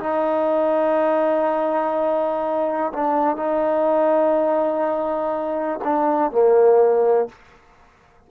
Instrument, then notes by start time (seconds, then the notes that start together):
trombone
0.00 D#4
2.93 D4
3.37 D#4
5.84 D4
6.32 A#3